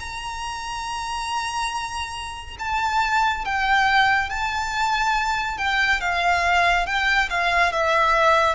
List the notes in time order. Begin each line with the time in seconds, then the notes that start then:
0.00 A#5
2.59 A5
3.45 G5
4.30 A5
5.58 G5
6.01 F5
6.86 G5
7.30 F5
7.72 E5